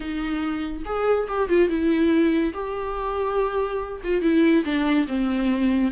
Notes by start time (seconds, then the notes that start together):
0.00 D#4
0.85 G#4
1.28 G4
1.48 F4
1.68 E4
2.53 G4
4.04 F4
4.21 E4
4.64 D4
5.07 C4